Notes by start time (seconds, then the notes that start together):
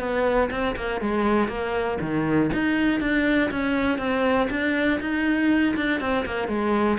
0.00 B3
0.51 C4
0.76 A#3
1.01 G#3
1.48 A#3
2.01 D#3
2.54 D#4
3.01 D4
3.51 C#4
3.99 C4
4.50 D4
5.01 D#4
5.76 D4
6.01 C4
6.26 A#3
6.49 G#3